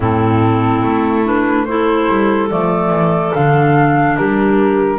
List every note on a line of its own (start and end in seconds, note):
0.00 0.82 A2
0.00 1.24 C4
0.00 1.65 E4
0.00 1.26 A4
0.82 2.07 A3
1.24 1.66 D4
1.24 1.65 B4
1.65 2.49 E4
1.65 4.16 A4
1.65 2.48 C5
2.08 2.50 G3
2.49 2.90 F3
2.49 3.33 A3
2.49 3.34 D5
2.90 3.31 E3
3.34 4.18 D3
3.34 4.99 D4
3.34 4.16 F5
4.16 4.99 G3
4.16 4.99 G4
4.16 4.99 A#4